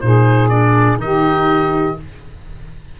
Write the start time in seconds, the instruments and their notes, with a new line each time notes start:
0.00 tuba A#2, clarinet D#4, saxophone G#4, oboe C5
0.48 clarinet D4, oboe D5
0.96 tuba D#3, clarinet D#4, oboe D#5
1.02 saxophone G4